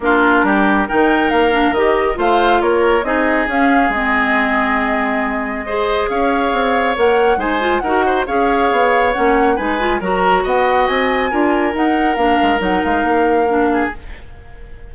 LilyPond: <<
  \new Staff \with { instrumentName = "flute" } { \time 4/4 \tempo 4 = 138 ais'2 g''4 f''4 | dis''4 f''4 cis''4 dis''4 | f''4 dis''2.~ | dis''2 f''2 |
fis''4 gis''4 fis''4 f''4~ | f''4 fis''4 gis''4 ais''4 | fis''4 gis''2 fis''4 | f''4 fis''8 f''2~ f''8 | }
  \new Staff \with { instrumentName = "oboe" } { \time 4/4 f'4 g'4 ais'2~ | ais'4 c''4 ais'4 gis'4~ | gis'1~ | gis'4 c''4 cis''2~ |
cis''4 c''4 ais'8 c''8 cis''4~ | cis''2 b'4 ais'4 | dis''2 ais'2~ | ais'2.~ ais'8 gis'8 | }
  \new Staff \with { instrumentName = "clarinet" } { \time 4/4 d'2 dis'4. d'8 | g'4 f'2 dis'4 | cis'4 c'2.~ | c'4 gis'2. |
ais'4 dis'8 f'8 fis'4 gis'4~ | gis'4 cis'4 dis'8 f'8 fis'4~ | fis'2 f'4 dis'4 | d'4 dis'2 d'4 | }
  \new Staff \with { instrumentName = "bassoon" } { \time 4/4 ais4 g4 dis4 ais4 | dis4 a4 ais4 c'4 | cis'4 gis2.~ | gis2 cis'4 c'4 |
ais4 gis4 dis'4 cis'4 | b4 ais4 gis4 fis4 | b4 c'4 d'4 dis'4 | ais8 gis8 fis8 gis8 ais2 | }
>>